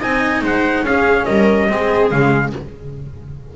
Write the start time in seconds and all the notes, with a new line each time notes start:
0.00 C4 D#4 D#5 G#5
0.42 G#3 C5 F#5
0.83 C#4 G#4 F5
1.26 G3 A#4 D#5
1.69 G#3 C4 G#4
2.11 C#3 G#3 F5